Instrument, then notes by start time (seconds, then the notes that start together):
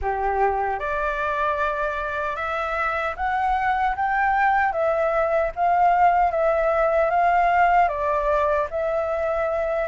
flute
0.01 G4
0.79 D5
2.35 E5
3.16 F#5
3.95 G5
4.72 E5
5.55 F5
6.31 E5
7.10 F5
7.88 D5
8.70 E5